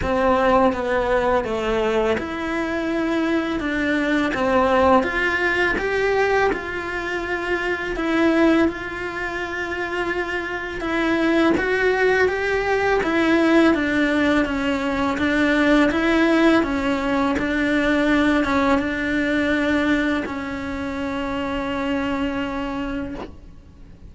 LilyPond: \new Staff \with { instrumentName = "cello" } { \time 4/4 \tempo 4 = 83 c'4 b4 a4 e'4~ | e'4 d'4 c'4 f'4 | g'4 f'2 e'4 | f'2. e'4 |
fis'4 g'4 e'4 d'4 | cis'4 d'4 e'4 cis'4 | d'4. cis'8 d'2 | cis'1 | }